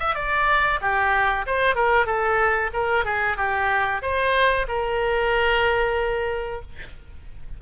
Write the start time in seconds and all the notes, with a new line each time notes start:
0.00 E5
0.15 D5
0.82 G4
1.47 C5
1.76 A#4
2.06 A4
2.73 A#4
3.05 G#4
3.37 G4
4.02 C5
4.68 A#4